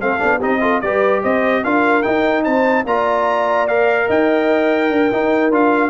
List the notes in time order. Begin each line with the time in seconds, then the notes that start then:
0.00 A3 C4 A4 F5
0.19 B3 D4
0.37 C4 D#4 G4 D#5
0.60 F4 A4
0.80 G3 G4 B4 D5
1.22 C4 C5 D#5
1.64 D4 F4 A#4 F5
2.02 D#4 G5
2.43 C4 C5 A5
2.84 A#3 F4 D5 A#5
3.67 A#4 F5
4.06 D#4 D#5 G5
4.90 D4 A#4
5.11 D#4
5.50 D4 F4 F5